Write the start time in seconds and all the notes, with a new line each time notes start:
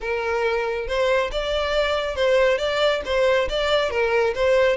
0.00 A#4
0.87 C5
1.31 D5
2.15 C5
2.58 D5
3.05 C5
3.49 D5
3.90 A#4
4.34 C5